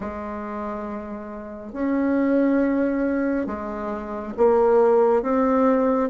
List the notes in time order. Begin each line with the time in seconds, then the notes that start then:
0.00 G#3
1.72 C#4
3.46 G#3
4.37 A#3
5.22 C4